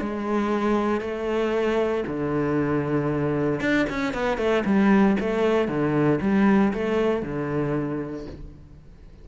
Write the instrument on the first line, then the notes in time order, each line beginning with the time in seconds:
cello
0.00 G#3
1.00 A3
2.07 D3
3.60 D4
3.89 C#4
4.14 B3
4.38 A3
4.65 G3
5.20 A3
5.68 D3
6.21 G3
6.73 A3
7.22 D3